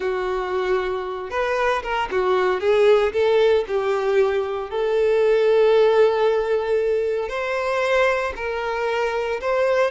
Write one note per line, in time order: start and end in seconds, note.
0.00 1.30 F#4
1.30 1.82 B4
1.82 2.08 A#4
2.11 2.60 F#4
2.60 3.12 G#4
3.12 3.65 A4
3.67 4.70 G4
4.70 7.29 A4
7.29 8.33 C5
8.36 9.40 A#4
9.41 9.90 C5